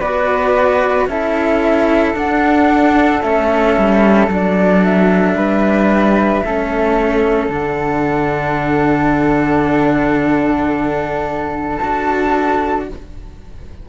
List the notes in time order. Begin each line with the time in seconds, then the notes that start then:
0.00 B3 F#4 B4 D5
1.07 C#4 E4 A4 E5
2.14 D4 F#5
3.22 A3 C#4 E5
3.78 G3
4.27 F#3 D4 D5
4.84 E5
5.35 G3 B4
6.44 A3 C#4 A4
7.47 D3 D4 F#5
11.76 D4 F#4 A5